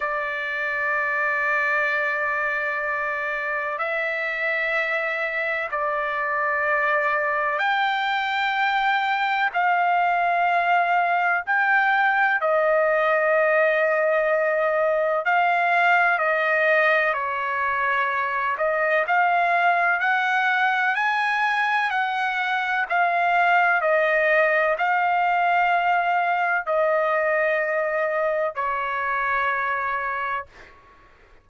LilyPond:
\new Staff \with { instrumentName = "trumpet" } { \time 4/4 \tempo 4 = 63 d''1 | e''2 d''2 | g''2 f''2 | g''4 dis''2. |
f''4 dis''4 cis''4. dis''8 | f''4 fis''4 gis''4 fis''4 | f''4 dis''4 f''2 | dis''2 cis''2 | }